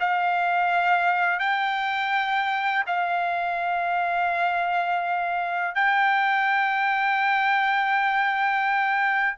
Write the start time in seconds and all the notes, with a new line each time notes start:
0.00 F5
1.40 G5
2.87 F5
5.75 G5